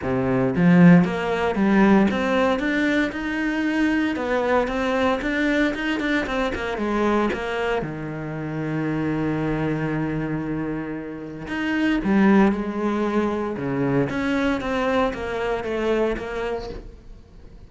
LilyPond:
\new Staff \with { instrumentName = "cello" } { \time 4/4 \tempo 4 = 115 c4 f4 ais4 g4 | c'4 d'4 dis'2 | b4 c'4 d'4 dis'8 d'8 | c'8 ais8 gis4 ais4 dis4~ |
dis1~ | dis2 dis'4 g4 | gis2 cis4 cis'4 | c'4 ais4 a4 ais4 | }